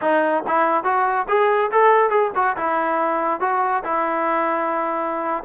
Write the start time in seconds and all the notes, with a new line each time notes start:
0.01 D#4
0.47 E4
0.84 F#4
1.28 G#4
1.71 A4
2.10 G#4
2.35 F#4
2.56 E4
3.40 F#4
3.84 E4